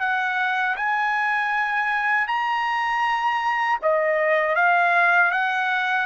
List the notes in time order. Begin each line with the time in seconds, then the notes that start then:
0.00 F#5
0.76 G#5
2.28 A#5
3.83 D#5
4.55 F5
5.32 F#5